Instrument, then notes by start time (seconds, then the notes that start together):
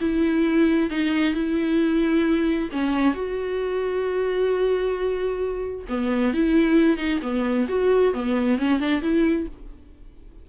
viola
0.00 E4
0.89 D#4
1.33 E4
2.71 C#4
3.14 F#4
5.88 B3
6.33 E4
6.97 D#4
7.22 B3
7.68 F#4
8.13 B3
8.58 C#4
8.79 D4
9.01 E4